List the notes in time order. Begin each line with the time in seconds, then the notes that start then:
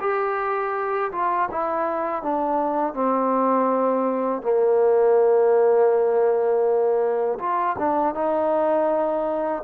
0.00 G4
1.12 F4
1.51 E4
2.22 D4
2.94 C4
4.42 A#3
7.39 F4
7.79 D4
8.15 D#4